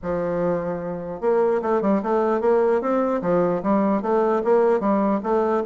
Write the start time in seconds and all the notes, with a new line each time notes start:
0.02 F3
1.20 A#3
1.62 A3
1.81 G3
2.02 A3
2.41 A#3
2.81 C4
3.21 F3
3.62 G3
4.02 A3
4.44 A#3
4.80 G3
5.23 A3